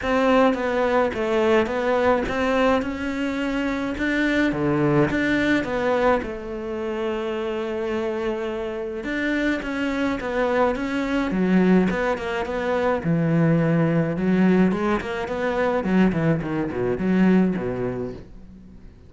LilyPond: \new Staff \with { instrumentName = "cello" } { \time 4/4 \tempo 4 = 106 c'4 b4 a4 b4 | c'4 cis'2 d'4 | d4 d'4 b4 a4~ | a1 |
d'4 cis'4 b4 cis'4 | fis4 b8 ais8 b4 e4~ | e4 fis4 gis8 ais8 b4 | fis8 e8 dis8 b,8 fis4 b,4 | }